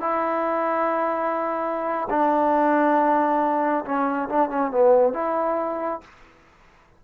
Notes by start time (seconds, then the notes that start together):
0.00 E4
2.09 D4
3.85 C#4
4.29 D4
4.49 C#4
4.71 B3
5.13 E4